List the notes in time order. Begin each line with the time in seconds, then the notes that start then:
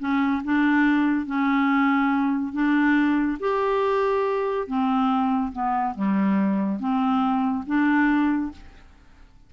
0.00 C#4
0.44 D4
1.26 C#4
2.53 D4
3.40 G4
4.68 C4
5.53 B3
5.95 G3
6.80 C4
7.67 D4